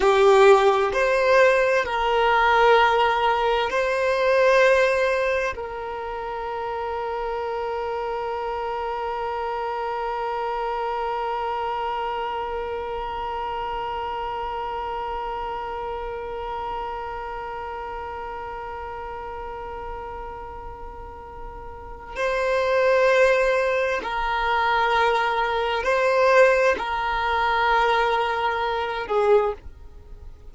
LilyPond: \new Staff \with { instrumentName = "violin" } { \time 4/4 \tempo 4 = 65 g'4 c''4 ais'2 | c''2 ais'2~ | ais'1~ | ais'1~ |
ais'1~ | ais'1 | c''2 ais'2 | c''4 ais'2~ ais'8 gis'8 | }